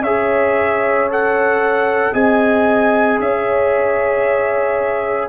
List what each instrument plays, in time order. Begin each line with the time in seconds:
0.00 tuba C#4, trombone G#4, horn C#5, trumpet E5
1.10 trombone A4, trumpet F#5
2.13 tuba C4, trombone G#4, horn D#5, trumpet G#5
3.19 tuba C#4, horn C#5, trumpet E5